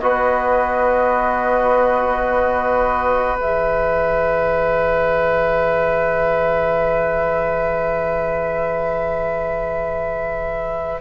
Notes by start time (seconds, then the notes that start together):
0.00 B3 F#4 B4 D#5
3.39 E3 G#4 E5